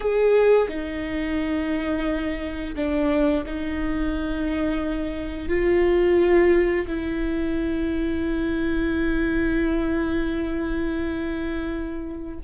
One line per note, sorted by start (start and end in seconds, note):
0.00 0.67 G#4
0.68 2.75 D#4
2.75 3.44 D4
3.45 5.48 D#4
5.48 6.86 F4
6.87 12.38 E4